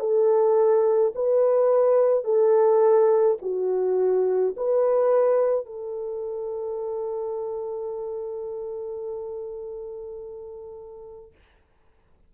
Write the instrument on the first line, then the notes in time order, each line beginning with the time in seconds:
horn
0.00 A4
1.15 B4
2.24 A4
3.42 F#4
4.56 B4
5.66 A4